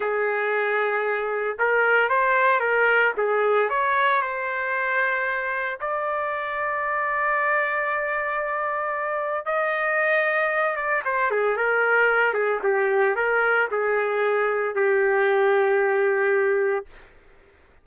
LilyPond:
\new Staff \with { instrumentName = "trumpet" } { \time 4/4 \tempo 4 = 114 gis'2. ais'4 | c''4 ais'4 gis'4 cis''4 | c''2. d''4~ | d''1~ |
d''2 dis''2~ | dis''8 d''8 c''8 gis'8 ais'4. gis'8 | g'4 ais'4 gis'2 | g'1 | }